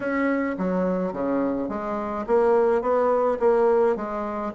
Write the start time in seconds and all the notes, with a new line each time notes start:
0.00 C#4
0.58 F#3
1.12 C#3
1.69 G#3
2.26 A#3
2.81 B3
3.39 A#3
3.95 G#3